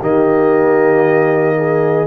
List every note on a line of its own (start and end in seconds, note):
0.00 2.06 D#3
0.00 2.06 A#3
0.00 1.55 G4
0.00 2.06 D#5
1.57 2.06 G#4